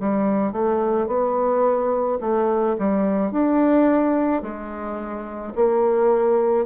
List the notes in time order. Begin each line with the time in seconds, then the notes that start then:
0.00 G3
0.53 A3
1.07 B3
2.21 A3
2.79 G3
3.32 D4
4.42 G#3
5.56 A#3